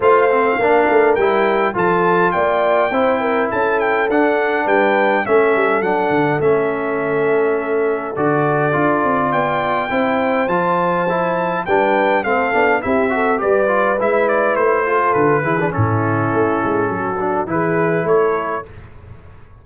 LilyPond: <<
  \new Staff \with { instrumentName = "trumpet" } { \time 4/4 \tempo 4 = 103 f''2 g''4 a''4 | g''2 a''8 g''8 fis''4 | g''4 e''4 fis''4 e''4~ | e''2 d''2 |
g''2 a''2 | g''4 f''4 e''4 d''4 | e''8 d''8 c''4 b'4 a'4~ | a'2 b'4 cis''4 | }
  \new Staff \with { instrumentName = "horn" } { \time 4/4 c''4 ais'2 a'4 | d''4 c''8 ais'8 a'2 | b'4 a'2.~ | a'1 |
d''4 c''2. | b'4 a'4 g'8 a'8 b'4~ | b'4. a'4 gis'8 e'4~ | e'4 fis'4 gis'4 a'4 | }
  \new Staff \with { instrumentName = "trombone" } { \time 4/4 f'8 c'8 d'4 e'4 f'4~ | f'4 e'2 d'4~ | d'4 cis'4 d'4 cis'4~ | cis'2 fis'4 f'4~ |
f'4 e'4 f'4 e'4 | d'4 c'8 d'8 e'8 fis'8 g'8 f'8 | e'4. f'4 e'16 d'16 cis'4~ | cis'4. d'8 e'2 | }
  \new Staff \with { instrumentName = "tuba" } { \time 4/4 a4 ais8 a8 g4 f4 | ais4 c'4 cis'4 d'4 | g4 a8 g8 fis8 d8 a4~ | a2 d4 d'8 c'8 |
b4 c'4 f2 | g4 a8 b8 c'4 g4 | gis4 a4 d8 e8 a,4 | a8 gis8 fis4 e4 a4 | }
>>